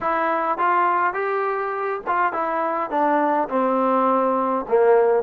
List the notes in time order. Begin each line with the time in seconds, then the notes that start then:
0.00 E4
0.57 F4
1.13 G4
2.07 F4
2.32 E4
2.90 D4
3.48 C4
4.68 A#3